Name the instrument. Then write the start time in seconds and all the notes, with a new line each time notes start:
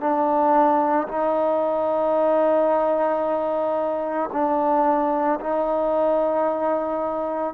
trombone
0.00 D4
1.08 D#4
4.32 D4
5.40 D#4